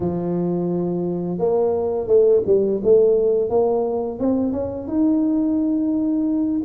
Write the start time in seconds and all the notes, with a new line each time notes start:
0.00 F3
1.38 A#3
2.07 A3
2.45 G3
2.83 A3
3.49 A#3
4.19 C4
4.52 C#4
4.87 D#4